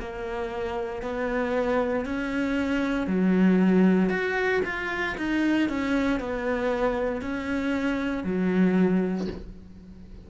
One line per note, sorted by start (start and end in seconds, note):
0.00 1.03 A#3
1.03 2.06 B3
2.06 3.07 C#4
3.07 4.10 F#3
4.10 4.62 F#4
4.65 5.17 F4
5.18 5.69 D#4
5.69 6.20 C#4
6.20 7.22 B3
7.22 8.24 C#4
8.24 9.28 F#3